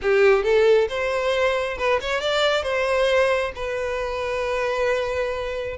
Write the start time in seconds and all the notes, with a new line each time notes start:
0.02 G4
0.43 A4
0.88 C5
1.77 B4
2.00 C#5
2.21 D5
2.63 C5
3.55 B4